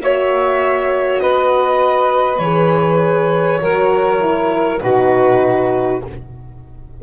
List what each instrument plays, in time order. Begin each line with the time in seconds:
0.00 double bass A#3, horn F#4, saxophone C#5, violin E5
1.21 double bass B3, saxophone B4, violin D#5
2.39 double bass E3, horn G#4, violin C#5
3.62 double bass F#3, horn F#4, saxophone A#4
4.21 horn E4
4.81 double bass B2, horn D#4, saxophone F#4, violin B4